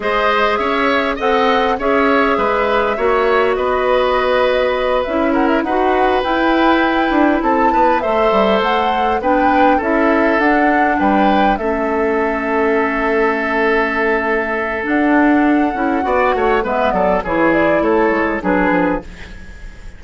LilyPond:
<<
  \new Staff \with { instrumentName = "flute" } { \time 4/4 \tempo 4 = 101 dis''4 e''4 fis''4 e''4~ | e''2 dis''2~ | dis''8 e''8 fis''16 e''16 fis''4 g''4.~ | g''8 a''4 e''4 fis''4 g''8~ |
g''8 e''4 fis''4 g''4 e''8~ | e''1~ | e''4 fis''2. | e''8 d''8 cis''8 d''8 cis''4 b'4 | }
  \new Staff \with { instrumentName = "oboe" } { \time 4/4 c''4 cis''4 dis''4 cis''4 | b'4 cis''4 b'2~ | b'4 ais'8 b'2~ b'8~ | b'8 a'8 b'8 c''2 b'8~ |
b'8 a'2 b'4 a'8~ | a'1~ | a'2. d''8 cis''8 | b'8 a'8 gis'4 a'4 gis'4 | }
  \new Staff \with { instrumentName = "clarinet" } { \time 4/4 gis'2 a'4 gis'4~ | gis'4 fis'2.~ | fis'8 e'4 fis'4 e'4.~ | e'4. a'2 d'8~ |
d'8 e'4 d'2 cis'8~ | cis'1~ | cis'4 d'4. e'8 fis'4 | b4 e'2 d'4 | }
  \new Staff \with { instrumentName = "bassoon" } { \time 4/4 gis4 cis'4 c'4 cis'4 | gis4 ais4 b2~ | b8 cis'4 dis'4 e'4. | d'8 c'8 b8 a8 g8 a4 b8~ |
b8 cis'4 d'4 g4 a8~ | a1~ | a4 d'4. cis'8 b8 a8 | gis8 fis8 e4 a8 gis8 fis8 f8 | }
>>